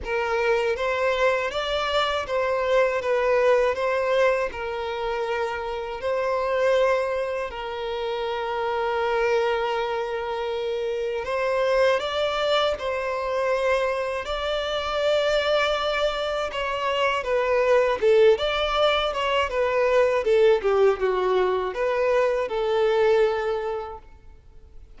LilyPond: \new Staff \with { instrumentName = "violin" } { \time 4/4 \tempo 4 = 80 ais'4 c''4 d''4 c''4 | b'4 c''4 ais'2 | c''2 ais'2~ | ais'2. c''4 |
d''4 c''2 d''4~ | d''2 cis''4 b'4 | a'8 d''4 cis''8 b'4 a'8 g'8 | fis'4 b'4 a'2 | }